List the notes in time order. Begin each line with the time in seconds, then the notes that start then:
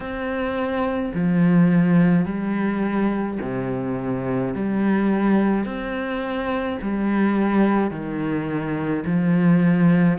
0.00 C4
1.13 F3
2.25 G3
3.41 C3
4.54 G3
5.64 C4
6.81 G3
7.90 D#3
9.05 F3